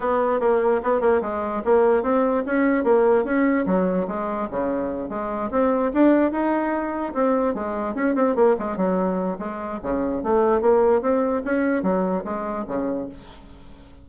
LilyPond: \new Staff \with { instrumentName = "bassoon" } { \time 4/4 \tempo 4 = 147 b4 ais4 b8 ais8 gis4 | ais4 c'4 cis'4 ais4 | cis'4 fis4 gis4 cis4~ | cis8 gis4 c'4 d'4 dis'8~ |
dis'4. c'4 gis4 cis'8 | c'8 ais8 gis8 fis4. gis4 | cis4 a4 ais4 c'4 | cis'4 fis4 gis4 cis4 | }